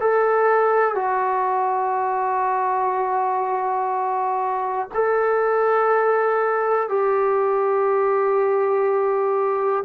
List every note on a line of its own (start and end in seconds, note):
0.00 0.95 A4
0.95 4.88 F#4
4.94 6.89 A4
6.89 9.84 G4